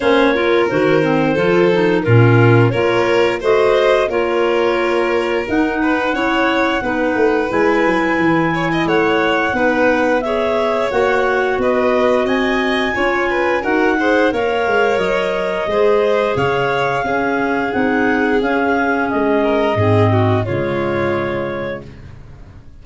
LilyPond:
<<
  \new Staff \with { instrumentName = "clarinet" } { \time 4/4 \tempo 4 = 88 cis''4 c''2 ais'4 | cis''4 dis''4 cis''2 | fis''2. gis''4~ | gis''4 fis''2 e''4 |
fis''4 dis''4 gis''2 | fis''4 f''4 dis''2 | f''2 fis''4 f''4 | dis''2 cis''2 | }
  \new Staff \with { instrumentName = "violin" } { \time 4/4 c''8 ais'4. a'4 f'4 | ais'4 c''4 ais'2~ | ais'8 b'8 cis''4 b'2~ | b'8 cis''16 dis''16 cis''4 b'4 cis''4~ |
cis''4 b'4 dis''4 cis''8 b'8 | ais'8 c''8 cis''2 c''4 | cis''4 gis'2.~ | gis'8 ais'8 gis'8 fis'8 f'2 | }
  \new Staff \with { instrumentName = "clarinet" } { \time 4/4 cis'8 f'8 fis'8 c'8 f'8 dis'8 cis'4 | f'4 fis'4 f'2 | dis'4 e'4 dis'4 e'4~ | e'2 dis'4 gis'4 |
fis'2. f'4 | fis'8 gis'8 ais'2 gis'4~ | gis'4 cis'4 dis'4 cis'4~ | cis'4 c'4 gis2 | }
  \new Staff \with { instrumentName = "tuba" } { \time 4/4 ais4 dis4 f4 ais,4 | ais4 a4 ais2 | dis'4 cis'4 b8 a8 gis8 fis8 | e4 a4 b2 |
ais4 b4 c'4 cis'4 | dis'4 ais8 gis8 fis4 gis4 | cis4 cis'4 c'4 cis'4 | gis4 gis,4 cis2 | }
>>